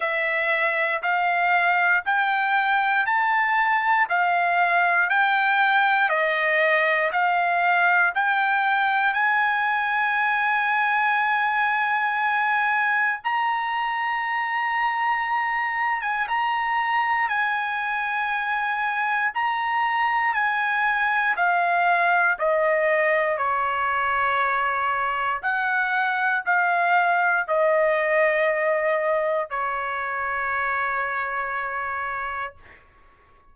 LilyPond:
\new Staff \with { instrumentName = "trumpet" } { \time 4/4 \tempo 4 = 59 e''4 f''4 g''4 a''4 | f''4 g''4 dis''4 f''4 | g''4 gis''2.~ | gis''4 ais''2~ ais''8. gis''16 |
ais''4 gis''2 ais''4 | gis''4 f''4 dis''4 cis''4~ | cis''4 fis''4 f''4 dis''4~ | dis''4 cis''2. | }